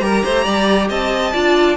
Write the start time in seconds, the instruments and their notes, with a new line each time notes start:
0.00 cello G3, viola G4, violin A#4 A#5
0.24 cello A3, violin C5
0.44 cello G3, violin D5
0.89 cello C4, violin D#5 A5
1.33 cello D4, viola F4, violin D5